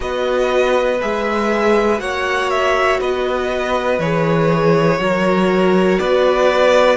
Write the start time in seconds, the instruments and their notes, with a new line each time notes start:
0.00 cello B3, viola F#4, violin B4 D#5
1.01 cello G#3, viola G#4, violin E5
1.97 cello A#3, viola F#4, violin C#5 F#5
2.50 violin E5
3.00 cello B3, violin B4 D#5
3.99 cello E3, viola G#4, violin C#5
4.97 cello F#3, viola F#4, violin A#4
5.98 cello B3, violin B4 D5